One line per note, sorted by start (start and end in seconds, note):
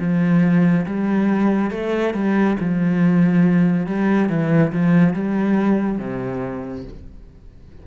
0.00 0.86 F3
0.86 1.71 G3
1.71 2.14 A3
2.14 2.57 G3
2.60 3.87 F3
3.87 4.29 G3
4.29 4.72 E3
4.73 5.14 F3
5.14 5.99 G3
5.99 6.85 C3